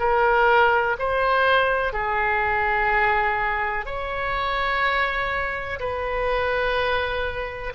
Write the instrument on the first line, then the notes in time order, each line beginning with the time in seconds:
oboe
0.00 A#4
0.99 C5
1.93 G#4
3.86 C#5
5.80 B4